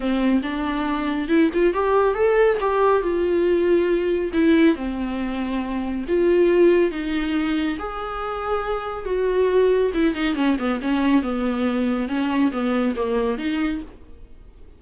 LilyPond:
\new Staff \with { instrumentName = "viola" } { \time 4/4 \tempo 4 = 139 c'4 d'2 e'8 f'8 | g'4 a'4 g'4 f'4~ | f'2 e'4 c'4~ | c'2 f'2 |
dis'2 gis'2~ | gis'4 fis'2 e'8 dis'8 | cis'8 b8 cis'4 b2 | cis'4 b4 ais4 dis'4 | }